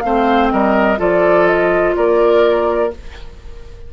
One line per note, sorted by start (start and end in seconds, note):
0.00 0.52 A3
0.00 0.97 C4
0.00 0.53 C5
0.00 0.48 F5
0.51 0.99 G3
0.51 0.99 A#4
0.51 0.99 D#5
0.97 1.96 F3
0.97 2.91 F4
0.97 1.95 A4
0.97 1.46 D5
1.46 1.95 D#5
1.96 2.93 A#3
1.96 2.93 A#4
1.96 2.92 D5